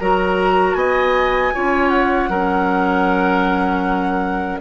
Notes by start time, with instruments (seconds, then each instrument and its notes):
0.00 bassoon F#3, clarinet F#4, oboe A#4, flute A#5
0.75 bassoon B3, oboe D#5, flute G#5
1.54 bassoon C#4, clarinet F4, oboe C#5
1.89 flute F#5
2.29 bassoon F#3, clarinet C#4, oboe A#4